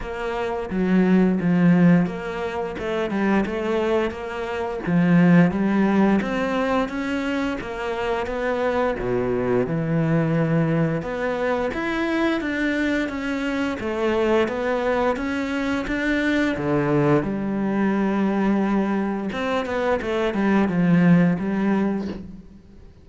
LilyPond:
\new Staff \with { instrumentName = "cello" } { \time 4/4 \tempo 4 = 87 ais4 fis4 f4 ais4 | a8 g8 a4 ais4 f4 | g4 c'4 cis'4 ais4 | b4 b,4 e2 |
b4 e'4 d'4 cis'4 | a4 b4 cis'4 d'4 | d4 g2. | c'8 b8 a8 g8 f4 g4 | }